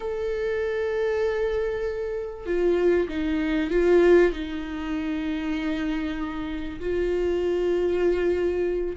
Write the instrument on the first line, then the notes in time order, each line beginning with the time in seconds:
viola
0.00 A4
2.46 F4
3.08 D#4
3.70 F4
4.32 D#4
6.80 F4